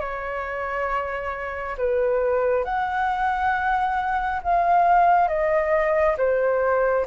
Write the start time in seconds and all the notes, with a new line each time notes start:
0.00 C#5
1.77 B4
2.65 F#5
4.43 F5
5.28 D#5
6.18 C5